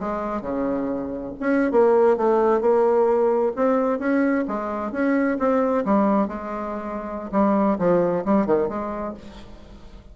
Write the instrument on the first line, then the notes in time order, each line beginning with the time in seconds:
bassoon
0.00 G#3
0.41 C#3
1.40 C#4
1.72 A#3
2.17 A3
2.61 A#3
3.56 C4
3.99 C#4
4.48 G#3
4.92 C#4
5.39 C4
5.85 G3
6.28 G#3
7.32 G3
7.79 F3
8.25 G3
8.46 D#3
8.69 G#3